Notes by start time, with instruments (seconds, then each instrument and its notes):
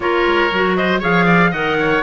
0.00 cello A#3, clarinet F4, oboe A#4, trumpet C#5
0.26 cello G#3
0.51 cello F#3, clarinet F#4
0.76 oboe C5, trumpet D#5
0.99 cello F3, clarinet G#4, oboe C#5, trumpet F5
1.25 oboe D5
1.50 cello D#3, clarinet A#4, oboe D#5, trumpet F#5
1.79 oboe C#5